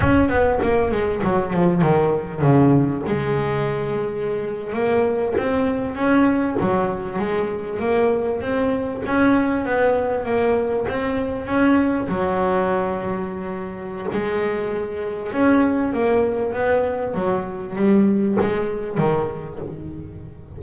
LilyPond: \new Staff \with { instrumentName = "double bass" } { \time 4/4 \tempo 4 = 98 cis'8 b8 ais8 gis8 fis8 f8 dis4 | cis4 gis2~ gis8. ais16~ | ais8. c'4 cis'4 fis4 gis16~ | gis8. ais4 c'4 cis'4 b16~ |
b8. ais4 c'4 cis'4 fis16~ | fis2. gis4~ | gis4 cis'4 ais4 b4 | fis4 g4 gis4 dis4 | }